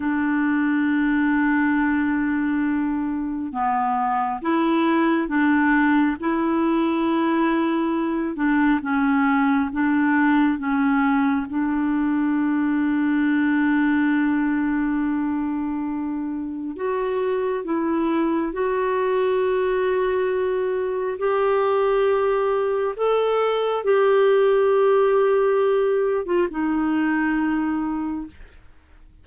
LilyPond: \new Staff \with { instrumentName = "clarinet" } { \time 4/4 \tempo 4 = 68 d'1 | b4 e'4 d'4 e'4~ | e'4. d'8 cis'4 d'4 | cis'4 d'2.~ |
d'2. fis'4 | e'4 fis'2. | g'2 a'4 g'4~ | g'4.~ g'16 f'16 dis'2 | }